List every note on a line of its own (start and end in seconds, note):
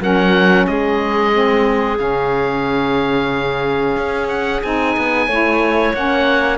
0.00 0.66 F#3
0.00 1.32 C#4
0.00 0.67 A#4
0.00 0.66 F#5
0.66 1.99 G#3
0.66 5.28 G#4
0.66 1.98 D#5
1.32 1.97 C4
1.97 3.96 C#3
1.97 4.61 C#4
1.97 4.28 F5
3.96 4.62 C#4
4.28 4.61 F#5
4.62 4.96 C4
4.62 5.28 D#4
4.62 5.94 G#5
4.97 5.27 B3
5.27 5.93 A3
5.27 5.95 E4
5.27 6.58 C#5
5.94 6.58 A#3
5.94 6.58 C#4
5.94 6.58 F#5